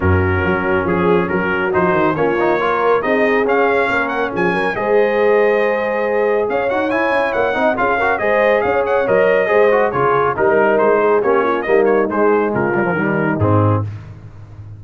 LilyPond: <<
  \new Staff \with { instrumentName = "trumpet" } { \time 4/4 \tempo 4 = 139 ais'2 gis'4 ais'4 | c''4 cis''2 dis''4 | f''4. fis''8 gis''4 dis''4~ | dis''2. f''8 fis''8 |
gis''4 fis''4 f''4 dis''4 | f''8 fis''8 dis''2 cis''4 | ais'4 c''4 cis''4 dis''8 cis''8 | c''4 ais'2 gis'4 | }
  \new Staff \with { instrumentName = "horn" } { \time 4/4 fis'2 gis'4 fis'4~ | fis'4 f'4 ais'4 gis'4~ | gis'4 ais'4 gis'8 ais'8 c''4~ | c''2. cis''4~ |
cis''4. dis''8 gis'8 ais'8 c''4 | cis''2 c''4 gis'4 | ais'4. gis'8 g'8 f'8 dis'4~ | dis'4 f'4 dis'2 | }
  \new Staff \with { instrumentName = "trombone" } { \time 4/4 cis'1 | dis'4 cis'8 dis'8 f'4 dis'4 | cis'2. gis'4~ | gis'2.~ gis'8 fis'8 |
e'4. dis'8 f'8 fis'8 gis'4~ | gis'4 ais'4 gis'8 fis'8 f'4 | dis'2 cis'4 ais4 | gis4. g16 f16 g4 c'4 | }
  \new Staff \with { instrumentName = "tuba" } { \time 4/4 fis,4 fis4 f4 fis4 | f8 dis8 ais2 c'4 | cis'4 ais4 f8 fis8 gis4~ | gis2. cis'8 dis'8 |
e'8 cis'8 ais8 c'8 cis'4 gis4 | cis'4 fis4 gis4 cis4 | g4 gis4 ais4 g4 | gis4 cis4 dis4 gis,4 | }
>>